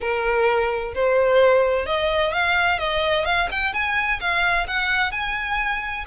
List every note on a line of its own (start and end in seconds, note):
0.01 0.94 A#4
0.94 1.86 C5
1.86 2.32 D#5
2.32 2.78 F5
2.78 3.25 D#5
3.25 3.48 F5
3.51 3.73 G5
3.73 4.20 G#5
4.20 4.67 F5
4.67 5.11 F#5
5.11 6.04 G#5